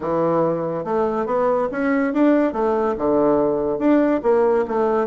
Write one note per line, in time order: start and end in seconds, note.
0.00 0.84 E3
0.84 1.26 A3
1.26 1.68 B3
1.71 2.13 C#4
2.13 2.53 D4
2.53 2.95 A3
2.97 3.78 D3
3.78 4.20 D4
4.23 4.65 A#3
4.67 5.06 A3